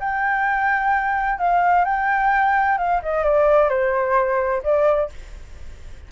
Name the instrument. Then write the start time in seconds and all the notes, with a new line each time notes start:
flute
0.00 G5
1.39 F5
1.85 G5
2.78 F5
3.03 D#5
3.24 D5
3.70 C5
4.63 D5